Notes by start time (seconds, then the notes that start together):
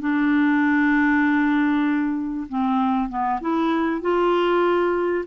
0.00 D4
2.49 C4
3.10 B3
3.41 E4
4.01 F4